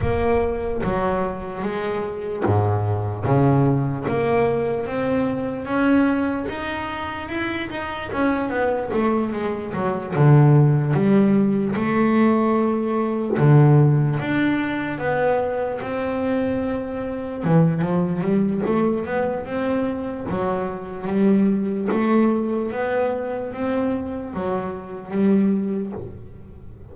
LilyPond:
\new Staff \with { instrumentName = "double bass" } { \time 4/4 \tempo 4 = 74 ais4 fis4 gis4 gis,4 | cis4 ais4 c'4 cis'4 | dis'4 e'8 dis'8 cis'8 b8 a8 gis8 | fis8 d4 g4 a4.~ |
a8 d4 d'4 b4 c'8~ | c'4. e8 f8 g8 a8 b8 | c'4 fis4 g4 a4 | b4 c'4 fis4 g4 | }